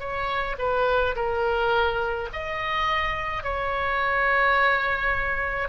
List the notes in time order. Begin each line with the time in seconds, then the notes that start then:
0.00 C#5
0.59 B4
1.16 A#4
2.33 D#5
3.44 C#5